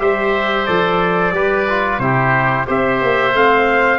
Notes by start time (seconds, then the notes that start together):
0.00 G3 G4 C5 E5
0.67 F3 A4 D5
1.33 G3 G4 B4
1.70 F4
1.99 C3 E4 G4 C5
2.67 C4 G4 C5 E5
3.02 A#3
3.34 A3 C4 F5